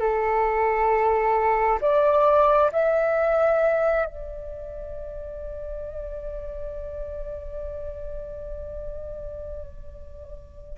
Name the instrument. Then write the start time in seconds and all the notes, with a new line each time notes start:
flute
0.00 A4
1.81 D5
2.72 E5
4.06 D5